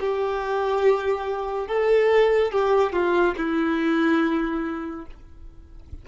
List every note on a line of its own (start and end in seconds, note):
0.00 1.67 G4
1.67 2.52 A4
2.52 2.92 G4
2.92 3.35 F4
3.37 5.06 E4